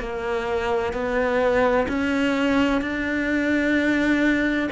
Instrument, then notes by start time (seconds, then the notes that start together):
cello
0.00 A#3
0.93 B3
1.88 C#4
2.82 D4